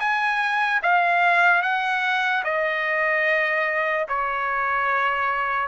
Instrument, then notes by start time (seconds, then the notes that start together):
trumpet
0.00 G#5
0.83 F5
1.63 F#5
2.44 D#5
4.08 C#5